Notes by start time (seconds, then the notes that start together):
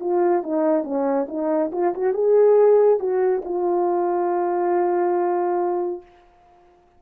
0.00 F4
0.43 D#4
0.83 C#4
1.28 D#4
1.72 F4
1.94 F#4
2.14 G#4
2.99 F#4
3.44 F4